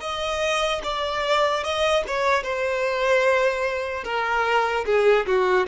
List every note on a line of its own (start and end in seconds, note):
0.00 0.81 D#5
0.83 1.63 D5
1.63 2.04 D#5
2.07 2.43 C#5
2.43 4.04 C5
4.04 4.85 A#4
4.85 5.26 G#4
5.26 5.66 F#4